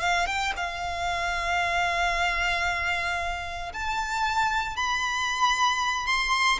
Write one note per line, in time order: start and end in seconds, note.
0.00 0.26 F5
0.27 0.53 G5
0.57 3.73 F5
3.73 4.77 A5
4.77 6.07 B5
6.07 6.59 C6